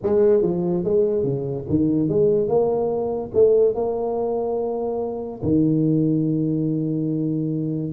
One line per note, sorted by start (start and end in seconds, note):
0.02 0.42 G#3
0.42 0.84 F3
0.84 1.23 G#3
1.23 1.65 C#3
1.69 2.09 D#3
2.09 2.48 G#3
2.48 3.31 A#3
3.34 3.74 A3
3.74 5.41 A#3
5.42 7.92 D#3